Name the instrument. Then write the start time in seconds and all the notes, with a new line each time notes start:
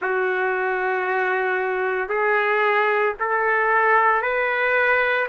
trumpet
0.01 F#4
2.08 G#4
3.19 A4
4.22 B4